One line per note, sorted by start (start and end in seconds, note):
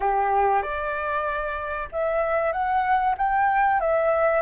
0.00 0.62 G4
0.62 1.88 D5
1.92 2.52 E5
2.52 3.15 F#5
3.17 3.80 G5
3.80 4.41 E5